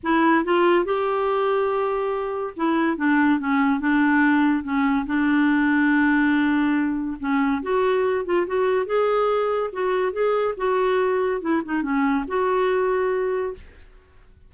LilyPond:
\new Staff \with { instrumentName = "clarinet" } { \time 4/4 \tempo 4 = 142 e'4 f'4 g'2~ | g'2 e'4 d'4 | cis'4 d'2 cis'4 | d'1~ |
d'4 cis'4 fis'4. f'8 | fis'4 gis'2 fis'4 | gis'4 fis'2 e'8 dis'8 | cis'4 fis'2. | }